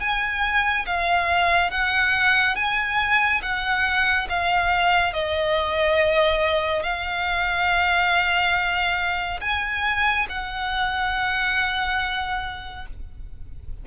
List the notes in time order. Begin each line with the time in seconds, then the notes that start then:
0.00 G#5
0.86 F5
1.71 F#5
2.56 G#5
3.42 F#5
4.29 F5
5.14 D#5
6.83 F5
9.41 G#5
10.29 F#5